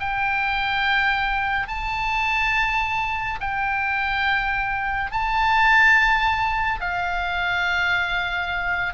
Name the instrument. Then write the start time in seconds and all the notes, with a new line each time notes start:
oboe
0.00 G5
1.68 A5
3.41 G5
5.12 A5
6.81 F5